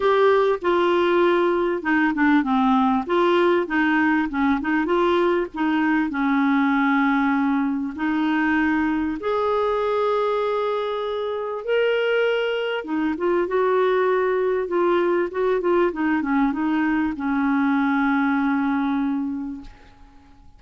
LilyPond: \new Staff \with { instrumentName = "clarinet" } { \time 4/4 \tempo 4 = 98 g'4 f'2 dis'8 d'8 | c'4 f'4 dis'4 cis'8 dis'8 | f'4 dis'4 cis'2~ | cis'4 dis'2 gis'4~ |
gis'2. ais'4~ | ais'4 dis'8 f'8 fis'2 | f'4 fis'8 f'8 dis'8 cis'8 dis'4 | cis'1 | }